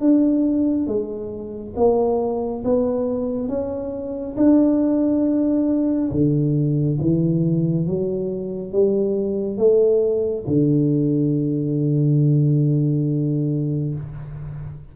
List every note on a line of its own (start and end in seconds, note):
0.00 0.87 D4
0.87 1.74 G#3
1.76 2.63 A#3
2.64 3.48 B3
3.48 4.35 C#4
4.37 6.11 D4
6.11 6.98 D3
7.00 7.86 E3
7.86 8.72 F#3
8.72 9.57 G3
9.57 10.44 A3
10.47 13.94 D3